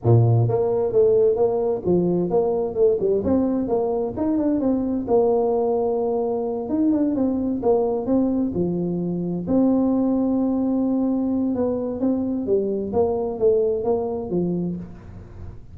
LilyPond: \new Staff \with { instrumentName = "tuba" } { \time 4/4 \tempo 4 = 130 ais,4 ais4 a4 ais4 | f4 ais4 a8 g8 c'4 | ais4 dis'8 d'8 c'4 ais4~ | ais2~ ais8 dis'8 d'8 c'8~ |
c'8 ais4 c'4 f4.~ | f8 c'2.~ c'8~ | c'4 b4 c'4 g4 | ais4 a4 ais4 f4 | }